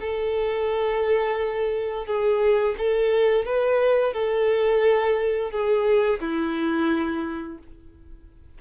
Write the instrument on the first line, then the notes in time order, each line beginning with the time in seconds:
violin
0.00 A4
2.06 G#4
2.77 A4
3.45 B4
4.13 A4
5.50 G#4
6.20 E4